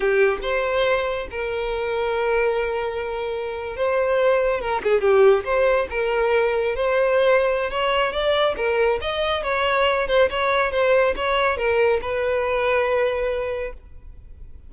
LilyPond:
\new Staff \with { instrumentName = "violin" } { \time 4/4 \tempo 4 = 140 g'4 c''2 ais'4~ | ais'1~ | ais'8. c''2 ais'8 gis'8 g'16~ | g'8. c''4 ais'2 c''16~ |
c''2 cis''4 d''4 | ais'4 dis''4 cis''4. c''8 | cis''4 c''4 cis''4 ais'4 | b'1 | }